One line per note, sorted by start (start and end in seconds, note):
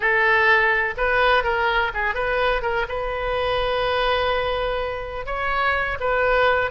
0.00 0.94 A4
0.97 1.43 B4
1.43 1.91 A#4
1.94 2.14 G#4
2.14 2.62 B4
2.62 2.86 A#4
2.88 5.26 B4
5.26 5.98 C#5
6.00 6.70 B4